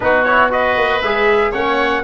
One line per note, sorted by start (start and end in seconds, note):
0.00 0.76 B3
0.00 0.26 D#4
0.00 0.51 F#4
0.00 0.23 B4
0.23 0.50 E4
0.23 0.49 C#5
0.50 1.00 F#4
0.50 1.51 B4
0.50 1.01 D#5
0.76 1.02 A#3
1.01 1.53 G#3
1.01 1.53 G#4
1.01 1.52 E5
1.51 2.03 A#3
1.51 2.03 C#4
1.51 2.01 C#5
1.51 2.03 F#5